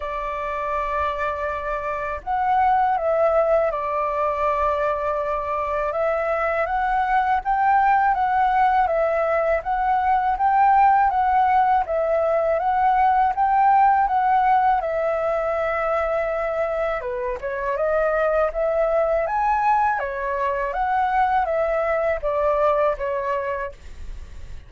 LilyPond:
\new Staff \with { instrumentName = "flute" } { \time 4/4 \tempo 4 = 81 d''2. fis''4 | e''4 d''2. | e''4 fis''4 g''4 fis''4 | e''4 fis''4 g''4 fis''4 |
e''4 fis''4 g''4 fis''4 | e''2. b'8 cis''8 | dis''4 e''4 gis''4 cis''4 | fis''4 e''4 d''4 cis''4 | }